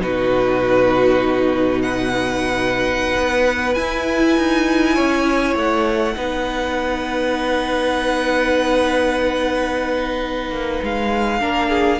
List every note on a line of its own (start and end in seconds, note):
0.00 3.15 B2
0.00 3.75 D#4
0.00 1.82 F#4
0.00 1.81 B4
1.81 4.95 B4
1.81 3.74 F#5
3.16 3.76 B3
3.74 6.15 E4
3.74 4.37 E4
3.74 5.54 G#5
4.37 4.97 D#4
4.95 5.55 C#4
4.95 6.15 C#5
5.55 6.15 A3
5.55 10.83 F#5
6.16 10.50 B3
6.16 11.40 D#4
6.16 11.40 B4
10.50 10.80 A#3
10.83 11.40 G#3
10.83 12.00 F5
11.40 12.00 A#3
11.40 12.00 D4
11.40 11.69 A#4
11.69 11.99 G#4